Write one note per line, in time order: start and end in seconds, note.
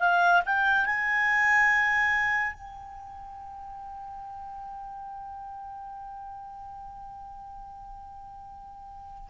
0.00 0.42 F5
0.46 0.86 G5
0.86 2.54 G#5
2.54 9.30 G5